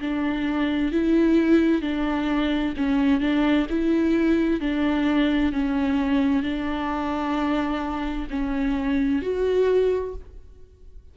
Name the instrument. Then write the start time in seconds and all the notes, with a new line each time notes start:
viola
0.00 D4
0.92 E4
1.81 D4
2.77 C#4
3.21 D4
3.69 E4
4.60 D4
5.52 C#4
6.43 D4
8.30 C#4
9.22 F#4